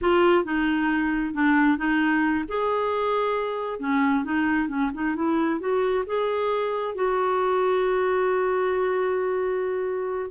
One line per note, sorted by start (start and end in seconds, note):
0.01 0.44 F4
0.44 1.34 D#4
1.34 1.77 D4
1.77 2.44 D#4
2.47 3.79 G#4
3.79 4.24 C#4
4.24 4.68 D#4
4.68 4.90 C#4
4.94 5.15 D#4
5.15 5.59 E4
5.59 6.04 F#4
6.06 6.94 G#4
6.94 10.30 F#4